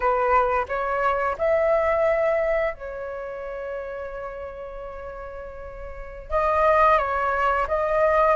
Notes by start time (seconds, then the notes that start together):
0.00 B4
0.68 C#5
1.38 E5
2.74 C#5
6.30 D#5
6.98 C#5
7.67 D#5